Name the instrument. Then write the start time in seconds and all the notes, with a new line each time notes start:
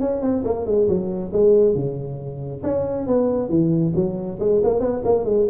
tuba
0.00 C#4
0.21 C4
0.44 A#3
0.66 G#3
0.88 F#3
1.33 G#3
1.75 C#3
2.63 C#4
3.07 B3
3.49 E3
3.95 F#3
4.40 G#3
4.63 A#3
4.80 B3
5.04 A#3
5.25 G#3